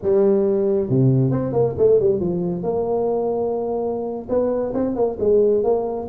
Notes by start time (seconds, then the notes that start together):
0.02 G3
0.89 C3
1.31 C4
1.53 A#3
1.78 A3
2.00 G3
2.20 F3
2.62 A#3
4.29 B3
4.74 C4
4.95 A#3
5.19 G#3
5.63 A#3